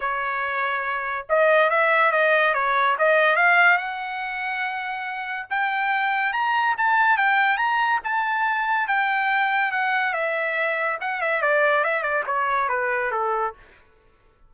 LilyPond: \new Staff \with { instrumentName = "trumpet" } { \time 4/4 \tempo 4 = 142 cis''2. dis''4 | e''4 dis''4 cis''4 dis''4 | f''4 fis''2.~ | fis''4 g''2 ais''4 |
a''4 g''4 ais''4 a''4~ | a''4 g''2 fis''4 | e''2 fis''8 e''8 d''4 | e''8 d''8 cis''4 b'4 a'4 | }